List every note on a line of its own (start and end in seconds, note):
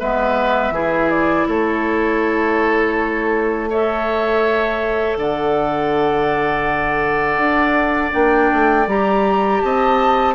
0.00 0.71 G#3
0.00 0.74 B3
0.00 0.74 B4
0.00 1.10 E5
0.71 1.45 E3
0.71 3.70 E4
0.71 1.48 G#4
1.10 1.48 D5
1.48 5.17 A3
1.48 3.70 A4
1.48 3.71 C#5
3.70 8.12 A4
3.70 5.18 C#5
3.70 5.17 E5
5.17 7.38 D3
5.17 9.63 D5
5.17 8.13 F#5
7.38 8.12 D4
8.12 8.52 A#3
8.12 8.86 D4
8.12 8.87 G5
8.53 8.87 A3
8.87 9.61 G3
8.87 10.35 G4
8.87 9.62 A#5
9.62 10.35 C4
9.62 10.35 D#5
9.62 10.35 A5